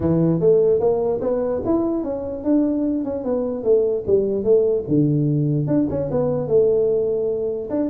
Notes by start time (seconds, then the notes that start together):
0.00 E3
0.40 A3
0.80 A#3
1.21 B3
1.65 E4
2.03 C#4
2.44 D4
3.04 C#4
3.24 B3
3.63 A3
4.06 G3
4.43 A3
4.88 D3
5.67 D4
5.89 C#4
6.11 B3
6.47 A3
7.70 D4